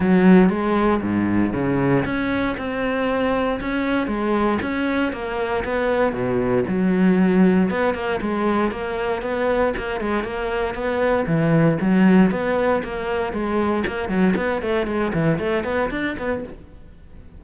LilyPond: \new Staff \with { instrumentName = "cello" } { \time 4/4 \tempo 4 = 117 fis4 gis4 gis,4 cis4 | cis'4 c'2 cis'4 | gis4 cis'4 ais4 b4 | b,4 fis2 b8 ais8 |
gis4 ais4 b4 ais8 gis8 | ais4 b4 e4 fis4 | b4 ais4 gis4 ais8 fis8 | b8 a8 gis8 e8 a8 b8 d'8 b8 | }